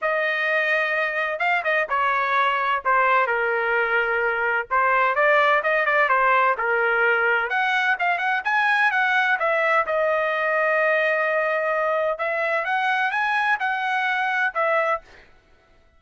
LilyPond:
\new Staff \with { instrumentName = "trumpet" } { \time 4/4 \tempo 4 = 128 dis''2. f''8 dis''8 | cis''2 c''4 ais'4~ | ais'2 c''4 d''4 | dis''8 d''8 c''4 ais'2 |
fis''4 f''8 fis''8 gis''4 fis''4 | e''4 dis''2.~ | dis''2 e''4 fis''4 | gis''4 fis''2 e''4 | }